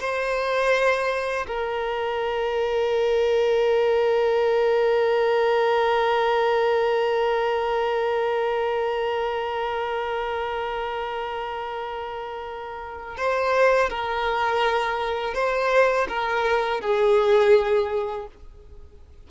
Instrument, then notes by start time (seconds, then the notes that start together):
violin
0.00 C5
1.47 A#4
13.17 C5
13.90 A#4
15.34 C5
16.08 A#4
16.81 G#4